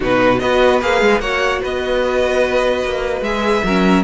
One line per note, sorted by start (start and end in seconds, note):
0.00 0.41 B2
0.00 0.39 D#4
0.00 0.38 F#4
0.00 0.39 B4
0.39 0.81 B3
0.39 0.81 F#4
0.39 1.21 B4
0.39 0.79 D#5
0.81 1.01 A#3
0.81 1.22 G#4
0.81 1.20 F5
1.01 1.19 G#3
1.19 1.60 A#3
1.19 3.24 F#4
1.19 1.61 C#5
1.19 1.61 F#5
1.61 2.85 B3
1.61 3.64 B4
1.61 3.22 D#5
2.85 3.21 A#3
3.21 3.61 G#3
3.21 3.64 G#4
3.21 4.03 E5
3.63 4.04 F#3
3.63 4.04 C#4
3.63 4.04 A#4